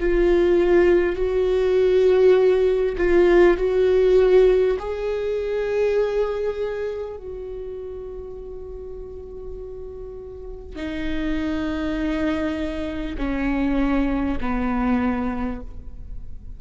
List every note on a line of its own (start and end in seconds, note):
0.00 1.16 F4
1.16 2.96 F#4
2.97 3.57 F4
3.57 4.77 F#4
4.79 7.17 G#4
7.17 10.76 F#4
10.76 13.16 D#4
13.17 14.37 C#4
14.41 15.61 B3